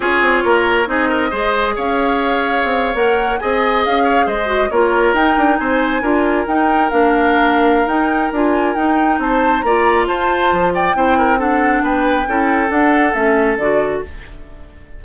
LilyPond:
<<
  \new Staff \with { instrumentName = "flute" } { \time 4/4 \tempo 4 = 137 cis''2 dis''2 | f''2~ f''8. fis''4 gis''16~ | gis''8. f''4 dis''4 cis''4 g''16~ | g''8. gis''2 g''4 f''16~ |
f''2 g''4 gis''4 | g''4 a''4 ais''4 a''4~ | a''8 g''4. fis''4 g''4~ | g''4 fis''4 e''4 d''4 | }
  \new Staff \with { instrumentName = "oboe" } { \time 4/4 gis'4 ais'4 gis'8 ais'8 c''4 | cis''2.~ cis''8. dis''16~ | dis''4~ dis''16 cis''8 c''4 ais'4~ ais'16~ | ais'8. c''4 ais'2~ ais'16~ |
ais'1~ | ais'4 c''4 d''4 c''4~ | c''8 d''8 c''8 ais'8 a'4 b'4 | a'1 | }
  \new Staff \with { instrumentName = "clarinet" } { \time 4/4 f'2 dis'4 gis'4~ | gis'2~ gis'8. ais'4 gis'16~ | gis'2~ gis'16 fis'8 f'4 dis'16~ | dis'4.~ dis'16 f'4 dis'4 d'16~ |
d'2 dis'4 f'4 | dis'2 f'2~ | f'4 e'4 d'2 | e'4 d'4 cis'4 fis'4 | }
  \new Staff \with { instrumentName = "bassoon" } { \time 4/4 cis'8 c'8 ais4 c'4 gis4 | cis'2 c'8. ais4 c'16~ | c'8. cis'4 gis4 ais4 dis'16~ | dis'16 d'8 c'4 d'4 dis'4 ais16~ |
ais2 dis'4 d'4 | dis'4 c'4 ais4 f'4 | f4 c'2 b4 | cis'4 d'4 a4 d4 | }
>>